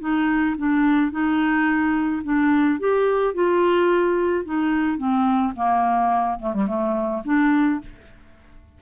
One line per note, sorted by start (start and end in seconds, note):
0.00 0.56 D#4
0.57 1.11 D4
1.11 2.22 D#4
2.24 2.79 D4
2.79 3.34 G4
3.34 4.45 F4
4.45 4.98 D#4
4.98 5.53 C4
5.56 6.39 A#3
6.39 6.53 A3
6.53 6.67 G3
6.67 7.22 A3
7.25 7.80 D4